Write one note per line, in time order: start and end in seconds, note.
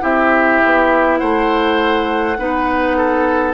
0.00 0.62 C4
0.00 2.35 E4
0.00 1.20 G4
0.00 1.18 E5
0.64 1.22 B3
1.18 2.38 A3
1.18 2.37 C5
1.18 3.53 F#5
2.38 3.54 B3
2.38 3.54 D#4
2.38 2.97 B4
2.97 3.54 A4